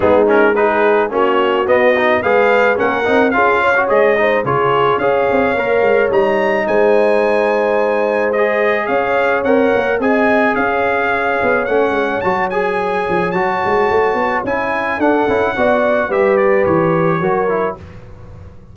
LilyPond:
<<
  \new Staff \with { instrumentName = "trumpet" } { \time 4/4 \tempo 4 = 108 gis'8 ais'8 b'4 cis''4 dis''4 | f''4 fis''4 f''4 dis''4 | cis''4 f''2 ais''4 | gis''2. dis''4 |
f''4 fis''4 gis''4 f''4~ | f''4 fis''4 a''8 gis''4. | a''2 gis''4 fis''4~ | fis''4 e''8 d''8 cis''2 | }
  \new Staff \with { instrumentName = "horn" } { \time 4/4 dis'4 gis'4 fis'2 | b'4 ais'4 gis'8 cis''4 c''8 | gis'4 cis''2. | c''1 |
cis''2 dis''4 cis''4~ | cis''1~ | cis''2. a'4 | d''4 b'2 ais'4 | }
  \new Staff \with { instrumentName = "trombone" } { \time 4/4 b8 cis'8 dis'4 cis'4 b8 dis'8 | gis'4 cis'8 dis'8 f'8. fis'16 gis'8 dis'8 | f'4 gis'4 ais'4 dis'4~ | dis'2. gis'4~ |
gis'4 ais'4 gis'2~ | gis'4 cis'4 fis'8 gis'4. | fis'2 e'4 d'8 e'8 | fis'4 g'2 fis'8 e'8 | }
  \new Staff \with { instrumentName = "tuba" } { \time 4/4 gis2 ais4 b4 | gis4 ais8 c'8 cis'4 gis4 | cis4 cis'8 c'8 ais8 gis8 g4 | gis1 |
cis'4 c'8 ais8 c'4 cis'4~ | cis'8 b8 a8 gis8 fis4. f8 | fis8 gis8 a8 b8 cis'4 d'8 cis'8 | b4 g4 e4 fis4 | }
>>